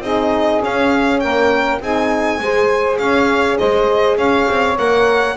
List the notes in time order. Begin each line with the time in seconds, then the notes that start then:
0.00 C4 D#4 G#4 D#5
0.62 C#4 F5
1.20 A#3 A#4 G5
1.80 C4 D#4 G#4 G#5
2.39 G#3 G#4 C5
2.98 C#4 C#5 F5
3.58 G#3 C5 D#5
4.17 C#4 C#5 F5
4.49 C4
4.78 A#3 A#4 F#5